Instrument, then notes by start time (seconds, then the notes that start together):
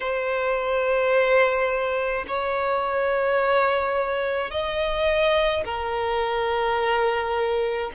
violin
0.00 C5
2.27 C#5
4.50 D#5
5.64 A#4